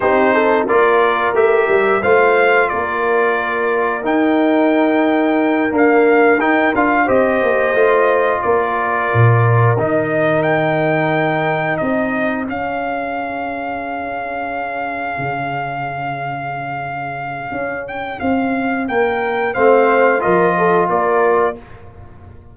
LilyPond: <<
  \new Staff \with { instrumentName = "trumpet" } { \time 4/4 \tempo 4 = 89 c''4 d''4 e''4 f''4 | d''2 g''2~ | g''8 f''4 g''8 f''8 dis''4.~ | dis''8 d''2 dis''4 g''8~ |
g''4. dis''4 f''4.~ | f''1~ | f''2~ f''8 g''8 f''4 | g''4 f''4 dis''4 d''4 | }
  \new Staff \with { instrumentName = "horn" } { \time 4/4 g'8 a'8 ais'2 c''4 | ais'1~ | ais'2~ ais'8 c''4.~ | c''8 ais'2.~ ais'8~ |
ais'4. gis'2~ gis'8~ | gis'1~ | gis'1 | ais'4 c''4 ais'8 a'8 ais'4 | }
  \new Staff \with { instrumentName = "trombone" } { \time 4/4 dis'4 f'4 g'4 f'4~ | f'2 dis'2~ | dis'8 ais4 dis'8 f'8 g'4 f'8~ | f'2~ f'8 dis'4.~ |
dis'2~ dis'8 cis'4.~ | cis'1~ | cis'1~ | cis'4 c'4 f'2 | }
  \new Staff \with { instrumentName = "tuba" } { \time 4/4 c'4 ais4 a8 g8 a4 | ais2 dis'2~ | dis'8 d'4 dis'8 d'8 c'8 ais8 a8~ | a8 ais4 ais,4 dis4.~ |
dis4. c'4 cis'4.~ | cis'2~ cis'8 cis4.~ | cis2 cis'4 c'4 | ais4 a4 f4 ais4 | }
>>